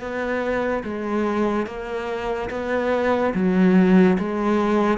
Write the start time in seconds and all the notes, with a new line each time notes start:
0.00 B3
0.84 G#3
1.67 A#3
2.50 B3
3.34 F#3
4.19 G#3